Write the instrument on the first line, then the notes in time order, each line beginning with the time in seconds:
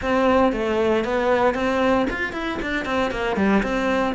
cello
0.01 C4
0.52 A3
1.04 B3
1.54 C4
2.10 F4
2.33 E4
2.61 D4
2.85 C4
3.11 A#3
3.36 G3
3.62 C4